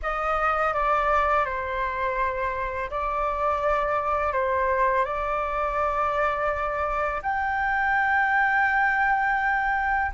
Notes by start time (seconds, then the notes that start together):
0.02 D#5
0.73 D5
1.45 C5
2.90 D5
4.32 C5
5.04 D5
7.22 G5